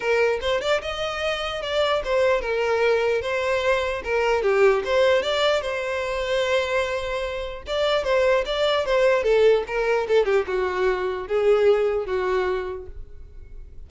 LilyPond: \new Staff \with { instrumentName = "violin" } { \time 4/4 \tempo 4 = 149 ais'4 c''8 d''8 dis''2 | d''4 c''4 ais'2 | c''2 ais'4 g'4 | c''4 d''4 c''2~ |
c''2. d''4 | c''4 d''4 c''4 a'4 | ais'4 a'8 g'8 fis'2 | gis'2 fis'2 | }